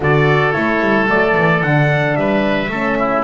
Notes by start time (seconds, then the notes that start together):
0.00 D3 F#4 A4 D5
0.52 A3 E4 C#5
0.80 G3
1.07 F#3 A3 D5
1.36 E3
1.61 D3 D4 F#5
2.15 G3 B4 E5
2.69 A3 C#4 A4
2.98 E4